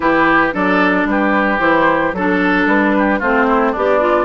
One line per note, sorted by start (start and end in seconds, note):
0.00 0.52 E3
0.00 0.52 E4
0.00 0.54 G4
0.00 0.54 B4
0.52 1.05 F#3
0.52 1.59 D4
0.52 1.07 A4
0.52 1.08 D5
1.05 1.58 G3
1.05 2.15 G4
1.05 1.59 B4
1.59 2.12 E3
1.59 2.13 E4
1.59 2.13 C5
2.12 2.66 F#3
2.12 3.22 D4
2.12 2.67 A4
2.12 2.96 A4
2.66 3.20 G3
2.66 3.21 B4
2.98 3.19 G4
3.19 3.75 A3
3.19 3.76 C4
3.19 3.46 F4
3.19 3.75 C5
3.47 3.71 E4
3.71 4.25 B3
3.71 4.25 D4
3.71 4.00 G4
3.71 4.25 D5
4.00 4.25 F4